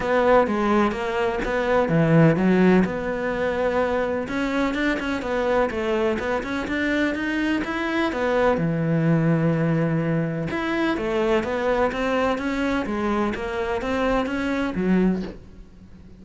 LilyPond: \new Staff \with { instrumentName = "cello" } { \time 4/4 \tempo 4 = 126 b4 gis4 ais4 b4 | e4 fis4 b2~ | b4 cis'4 d'8 cis'8 b4 | a4 b8 cis'8 d'4 dis'4 |
e'4 b4 e2~ | e2 e'4 a4 | b4 c'4 cis'4 gis4 | ais4 c'4 cis'4 fis4 | }